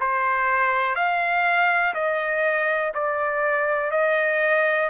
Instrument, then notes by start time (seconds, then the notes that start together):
trumpet
0.00 C5
0.95 F5
1.94 D#5
2.94 D5
3.91 D#5